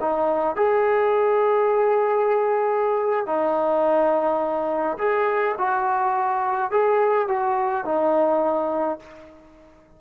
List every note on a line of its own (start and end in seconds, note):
0.00 0.56 D#4
0.56 3.26 G#4
3.26 4.97 D#4
4.98 5.55 G#4
5.58 6.71 F#4
6.71 7.28 G#4
7.28 7.84 F#4
7.84 8.99 D#4